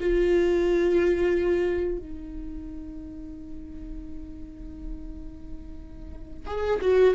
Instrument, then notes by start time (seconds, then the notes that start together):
viola
0.00 F4
1.98 D#4
6.46 G#4
6.81 F#4